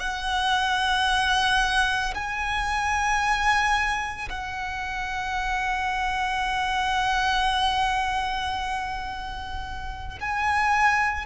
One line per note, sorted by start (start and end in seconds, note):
0.00 2.14 F#5
2.15 4.29 G#5
4.30 10.19 F#5
10.21 11.26 G#5